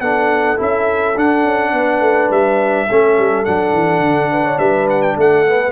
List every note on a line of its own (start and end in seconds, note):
0.00 0.57 B3
0.00 0.57 D4
0.00 1.72 A4
0.00 0.57 F#5
0.57 1.16 C#4
0.57 1.14 E4
0.57 1.18 E5
1.16 1.44 D4
1.16 2.88 D4
1.16 2.31 F#5
1.44 1.72 C#4
1.72 2.00 B3
1.72 2.87 B4
2.00 2.29 A3
2.30 2.87 G3
2.30 3.45 E5
2.87 3.18 A3
2.87 3.46 C#4
2.87 4.30 A4
3.18 3.47 G3
3.45 3.73 F#3
3.45 5.46 D4
3.45 4.58 F#5
3.73 4.00 E3
4.00 4.57 D3
4.32 4.44 B4
4.44 4.58 C#5
4.58 5.16 G3
4.58 5.16 B4
4.58 4.87 E5
4.89 5.02 F#5
5.02 5.16 G5
5.16 5.71 A3
5.16 5.71 A4
5.16 5.71 F#5
5.46 5.71 B3